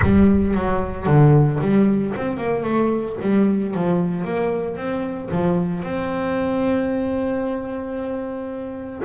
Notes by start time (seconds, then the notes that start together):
0.02 G3
0.54 F#3
1.06 D3
1.60 G3
2.16 C4
2.37 A#3
2.63 A3
3.21 G3
3.74 F3
4.24 A#3
4.76 C4
5.31 F3
5.83 C4